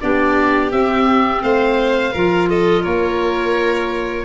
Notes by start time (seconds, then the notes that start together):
0.00 B3 D4 G4 D5
0.71 C4 E5
1.42 A3 C5 F5
2.12 F3 F4 A#4
2.49 A4 D#5
2.82 A#3 A#4 C#5